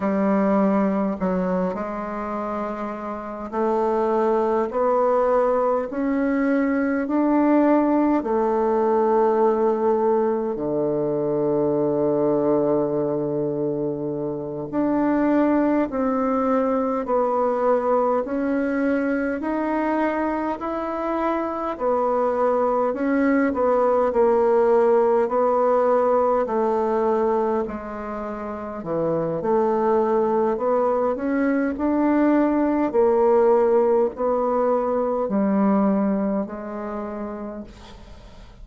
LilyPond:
\new Staff \with { instrumentName = "bassoon" } { \time 4/4 \tempo 4 = 51 g4 fis8 gis4. a4 | b4 cis'4 d'4 a4~ | a4 d2.~ | d8 d'4 c'4 b4 cis'8~ |
cis'8 dis'4 e'4 b4 cis'8 | b8 ais4 b4 a4 gis8~ | gis8 e8 a4 b8 cis'8 d'4 | ais4 b4 g4 gis4 | }